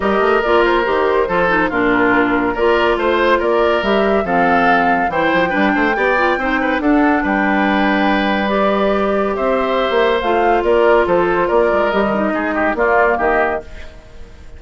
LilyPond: <<
  \new Staff \with { instrumentName = "flute" } { \time 4/4 \tempo 4 = 141 dis''4 d''8 c''2~ c''8 | ais'2 d''4 c''4 | d''4 e''4 f''2 | g''1 |
fis''4 g''2. | d''2 e''2 | f''4 d''4 c''4 d''4 | dis''2 d''4 dis''4 | }
  \new Staff \with { instrumentName = "oboe" } { \time 4/4 ais'2. a'4 | f'2 ais'4 c''4 | ais'2 a'2 | c''4 b'8 c''8 d''4 c''8 b'8 |
a'4 b'2.~ | b'2 c''2~ | c''4 ais'4 a'4 ais'4~ | ais'4 gis'8 g'8 f'4 g'4 | }
  \new Staff \with { instrumentName = "clarinet" } { \time 4/4 g'4 f'4 g'4 f'8 dis'8 | d'2 f'2~ | f'4 g'4 c'2 | e'4 d'4 g'8 f'8 dis'4 |
d'1 | g'1 | f'1 | g'16 dis16 dis'4. ais2 | }
  \new Staff \with { instrumentName = "bassoon" } { \time 4/4 g8 a8 ais4 dis4 f4 | ais,2 ais4 a4 | ais4 g4 f2 | e8 f8 g8 a8 b4 c'4 |
d'4 g2.~ | g2 c'4~ c'16 ais8. | a4 ais4 f4 ais8 gis8 | g4 gis4 ais4 dis4 | }
>>